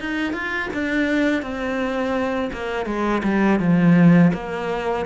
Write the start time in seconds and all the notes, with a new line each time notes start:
0.00 D#4
0.33 F4
0.74 D4
1.43 C4
2.53 A#3
2.86 G#3
3.24 G3
3.59 F3
4.34 A#3